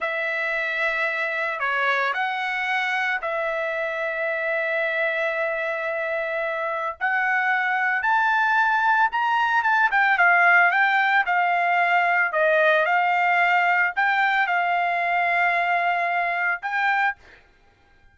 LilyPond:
\new Staff \with { instrumentName = "trumpet" } { \time 4/4 \tempo 4 = 112 e''2. cis''4 | fis''2 e''2~ | e''1~ | e''4 fis''2 a''4~ |
a''4 ais''4 a''8 g''8 f''4 | g''4 f''2 dis''4 | f''2 g''4 f''4~ | f''2. g''4 | }